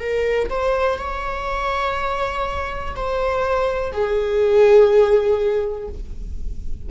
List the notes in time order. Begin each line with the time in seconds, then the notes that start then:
0.00 A#4
0.50 C5
0.98 C#5
2.96 C5
3.93 G#4